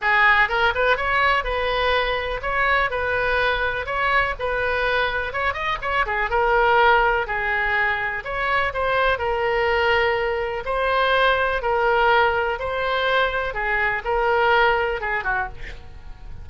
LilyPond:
\new Staff \with { instrumentName = "oboe" } { \time 4/4 \tempo 4 = 124 gis'4 ais'8 b'8 cis''4 b'4~ | b'4 cis''4 b'2 | cis''4 b'2 cis''8 dis''8 | cis''8 gis'8 ais'2 gis'4~ |
gis'4 cis''4 c''4 ais'4~ | ais'2 c''2 | ais'2 c''2 | gis'4 ais'2 gis'8 fis'8 | }